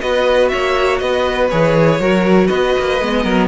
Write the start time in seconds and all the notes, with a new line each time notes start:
0.00 B3 F#4 B4 D#5
0.48 A#3 C#5 E5
0.98 B3 B4 D#5
1.50 E3 G#4 C#5
1.99 F#3 F#4 A#4
2.47 B3 B4 D#5
2.79 A#3
3.01 G#3 B3
3.23 F#3 A#4